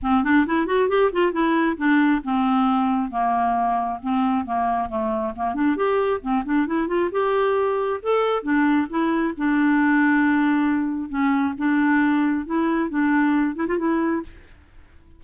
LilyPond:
\new Staff \with { instrumentName = "clarinet" } { \time 4/4 \tempo 4 = 135 c'8 d'8 e'8 fis'8 g'8 f'8 e'4 | d'4 c'2 ais4~ | ais4 c'4 ais4 a4 | ais8 d'8 g'4 c'8 d'8 e'8 f'8 |
g'2 a'4 d'4 | e'4 d'2.~ | d'4 cis'4 d'2 | e'4 d'4. e'16 f'16 e'4 | }